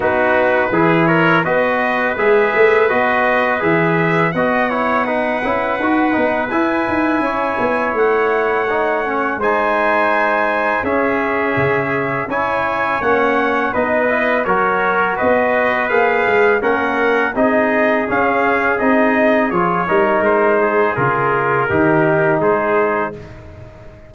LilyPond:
<<
  \new Staff \with { instrumentName = "trumpet" } { \time 4/4 \tempo 4 = 83 b'4. cis''8 dis''4 e''4 | dis''4 e''4 fis''2~ | fis''4 gis''2 fis''4~ | fis''4 gis''2 e''4~ |
e''4 gis''4 fis''4 dis''4 | cis''4 dis''4 f''4 fis''4 | dis''4 f''4 dis''4 cis''4 | c''4 ais'2 c''4 | }
  \new Staff \with { instrumentName = "trumpet" } { \time 4/4 fis'4 gis'8 ais'8 b'2~ | b'2 dis''8 cis''8 b'4~ | b'2 cis''2~ | cis''4 c''2 gis'4~ |
gis'4 cis''2 b'4 | ais'4 b'2 ais'4 | gis'2.~ gis'8 ais'8~ | ais'8 gis'4. g'4 gis'4 | }
  \new Staff \with { instrumentName = "trombone" } { \time 4/4 dis'4 e'4 fis'4 gis'4 | fis'4 gis'4 fis'8 e'8 dis'8 e'8 | fis'8 dis'8 e'2. | dis'8 cis'8 dis'2 cis'4~ |
cis'4 e'4 cis'4 dis'8 e'8 | fis'2 gis'4 cis'4 | dis'4 cis'4 dis'4 f'8 dis'8~ | dis'4 f'4 dis'2 | }
  \new Staff \with { instrumentName = "tuba" } { \time 4/4 b4 e4 b4 gis8 a8 | b4 e4 b4. cis'8 | dis'8 b8 e'8 dis'8 cis'8 b8 a4~ | a4 gis2 cis'4 |
cis4 cis'4 ais4 b4 | fis4 b4 ais8 gis8 ais4 | c'4 cis'4 c'4 f8 g8 | gis4 cis4 dis4 gis4 | }
>>